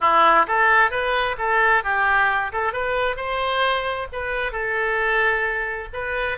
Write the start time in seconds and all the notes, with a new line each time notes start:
0.01 E4
0.47 A4
0.90 B4
1.38 A4
1.83 G4
2.52 A4
2.72 B4
3.16 C5
4.12 B4
4.52 A4
5.93 B4